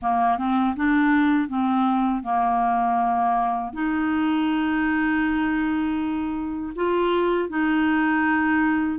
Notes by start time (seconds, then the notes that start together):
0.01 A#3
0.38 C4
0.76 D4
1.48 C4
2.23 A#3
3.73 D#4
6.75 F4
7.49 D#4